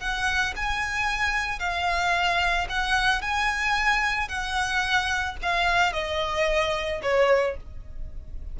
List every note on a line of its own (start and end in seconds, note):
0.00 0.54 F#5
0.56 1.59 G#5
1.59 2.67 F5
2.69 3.22 F#5
3.22 4.28 G#5
4.28 5.36 F#5
5.43 5.93 F5
5.93 7.01 D#5
7.02 7.57 C#5